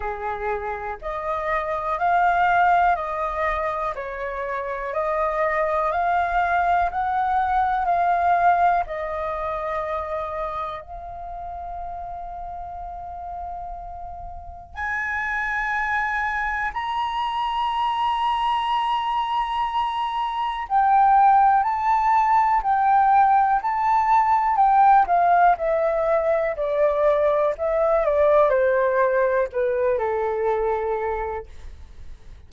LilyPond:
\new Staff \with { instrumentName = "flute" } { \time 4/4 \tempo 4 = 61 gis'4 dis''4 f''4 dis''4 | cis''4 dis''4 f''4 fis''4 | f''4 dis''2 f''4~ | f''2. gis''4~ |
gis''4 ais''2.~ | ais''4 g''4 a''4 g''4 | a''4 g''8 f''8 e''4 d''4 | e''8 d''8 c''4 b'8 a'4. | }